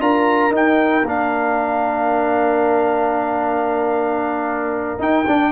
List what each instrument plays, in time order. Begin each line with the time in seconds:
0.00 tuba D4, trombone F4, horn A#4, trumpet A#5
0.51 tuba D#4, trombone D#4, trumpet G5
1.04 tuba A#3, trombone D4, trumpet F5
4.99 trombone D#4, tuba D#4, trumpet G5
5.27 tuba D4, trombone D4